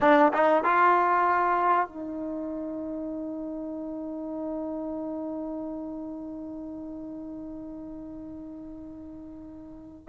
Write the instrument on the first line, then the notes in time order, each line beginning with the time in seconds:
trombone
0.01 D4
0.33 D#4
0.64 F4
1.88 D#4